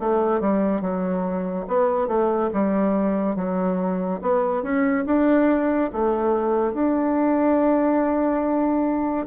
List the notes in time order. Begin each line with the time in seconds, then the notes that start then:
0.00 A3
0.41 G3
0.82 F#3
1.68 B3
2.08 A3
2.54 G3
3.36 F#3
4.22 B3
4.63 C#4
5.07 D4
5.93 A3
6.74 D4